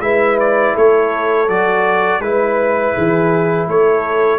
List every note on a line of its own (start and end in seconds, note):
0.00 0.73 G#3
0.00 1.48 E4
0.00 0.74 B4
0.00 0.38 E5
0.39 0.76 D5
0.74 1.49 A3
0.74 2.20 A4
0.74 1.49 C#5
1.48 2.20 F#3
1.48 2.21 F#4
1.48 2.21 D5
2.20 2.93 G#3
2.20 4.39 E4
2.20 3.67 B4
2.20 2.94 B4
2.94 3.67 E3
2.94 3.67 G#4
3.67 4.39 A3
3.67 4.39 A4
3.67 4.39 C#5